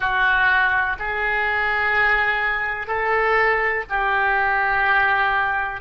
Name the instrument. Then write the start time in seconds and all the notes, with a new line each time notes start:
oboe
0.00 F#4
0.99 G#4
2.87 A4
3.89 G4